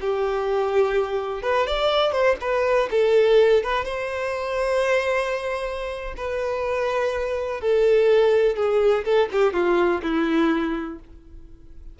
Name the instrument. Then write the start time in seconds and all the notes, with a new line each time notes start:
violin
0.00 G4
1.42 B4
1.66 D5
2.12 C5
2.41 B4
2.90 A4
3.63 B4
3.84 C5
6.16 B4
7.61 A4
8.55 G#4
9.04 A4
9.31 G4
9.53 F4
10.02 E4